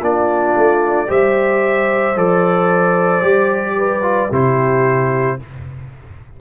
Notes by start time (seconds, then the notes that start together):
0.00 A#3 D4 F4 D5
0.56 A3
1.07 G3 G4 C5 E5
2.16 F3 A4 D5
3.22 G3 G4
3.77 B4
4.02 F4
4.31 C3 E4 G4 C5